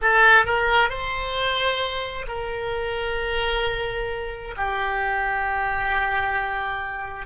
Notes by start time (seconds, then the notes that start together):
0.01 A4
0.45 A#4
0.89 C5
2.27 A#4
4.57 G4